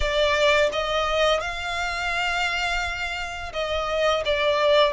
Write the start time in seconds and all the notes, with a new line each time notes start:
0.00 D5
0.72 D#5
1.40 F5
3.53 D#5
4.25 D5